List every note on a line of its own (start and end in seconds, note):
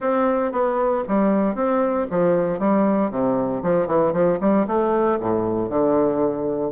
0.00 0.52 C4
0.52 1.03 B3
1.08 1.55 G3
1.55 2.07 C4
2.10 2.59 F3
2.59 3.10 G3
3.10 3.62 C3
3.62 3.87 F3
3.87 4.12 E3
4.12 4.38 F3
4.40 4.66 G3
4.67 5.19 A3
5.20 5.69 A2
5.69 6.71 D3